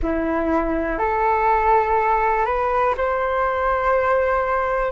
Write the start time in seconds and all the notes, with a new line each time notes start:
0.02 E4
0.98 A4
2.45 B4
2.97 C5